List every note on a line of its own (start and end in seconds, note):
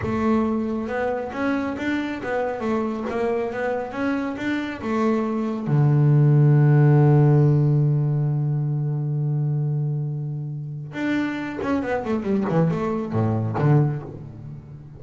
0.01 0.87 A3
0.87 1.31 B3
1.32 1.76 C#4
1.77 2.21 D4
2.23 2.60 B3
2.60 3.04 A3
3.09 3.52 A#3
3.52 3.91 B3
3.91 4.35 C#4
4.37 4.81 D4
4.81 5.67 A3
5.67 10.92 D3
10.93 11.58 D4
11.62 11.82 C#4
11.82 12.04 B3
12.04 12.22 A3
12.22 12.44 G3
12.49 12.70 E3
12.70 13.12 A3
13.12 13.56 A2
13.58 14.02 D3